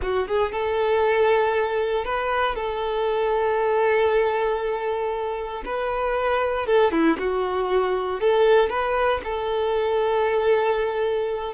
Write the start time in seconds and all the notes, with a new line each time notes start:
0.02 F#4
0.27 G#4
0.52 A4
2.04 B4
2.55 A4
5.65 B4
6.66 A4
6.91 E4
7.18 F#4
8.20 A4
8.69 B4
9.24 A4